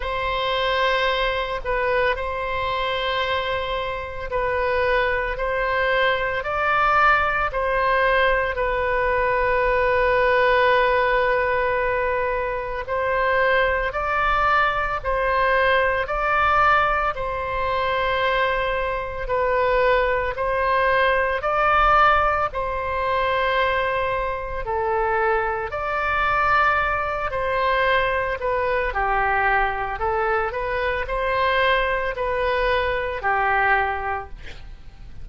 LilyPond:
\new Staff \with { instrumentName = "oboe" } { \time 4/4 \tempo 4 = 56 c''4. b'8 c''2 | b'4 c''4 d''4 c''4 | b'1 | c''4 d''4 c''4 d''4 |
c''2 b'4 c''4 | d''4 c''2 a'4 | d''4. c''4 b'8 g'4 | a'8 b'8 c''4 b'4 g'4 | }